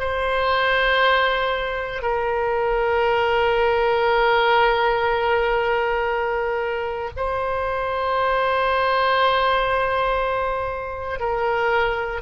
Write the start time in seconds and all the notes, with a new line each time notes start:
0.00 C5
2.02 A#4
7.16 C5
11.20 A#4